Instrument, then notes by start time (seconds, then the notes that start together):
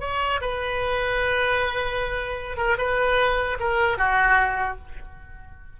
oboe
0.00 C#5
0.41 B4
2.57 A#4
2.78 B4
3.60 A#4
3.98 F#4